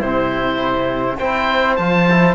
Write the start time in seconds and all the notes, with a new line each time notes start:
0.00 C3 C4 E4 C5
1.19 C4 E4 C5 G5
1.76 F3 F4 A5
2.10 E4